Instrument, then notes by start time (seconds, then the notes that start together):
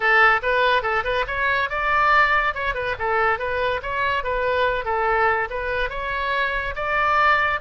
oboe
0.00 A4
0.42 B4
0.82 A4
1.04 B4
1.27 C#5
1.69 D5
2.54 C#5
2.74 B4
2.98 A4
3.38 B4
3.82 C#5
4.23 B4
4.85 A4
5.49 B4
5.89 C#5
6.75 D5